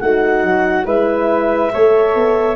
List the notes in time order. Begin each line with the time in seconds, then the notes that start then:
0.00 A3 D#4 F#4 F#5
0.44 F#3
0.85 G#3 E4 B4 E5
1.73 A3 A4 C#5
2.15 B3